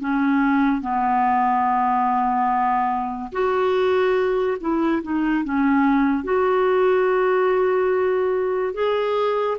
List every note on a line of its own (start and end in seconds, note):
0.00 0.81 C#4
0.81 3.31 B3
3.32 4.57 F#4
4.61 5.02 E4
5.03 5.44 D#4
5.44 6.23 C#4
6.23 8.73 F#4
8.74 9.57 G#4